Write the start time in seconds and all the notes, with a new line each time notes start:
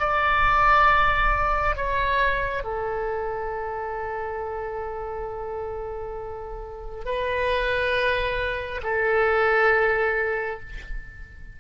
0.00 D5
1.76 C#5
2.64 A4
7.05 B4
8.84 A4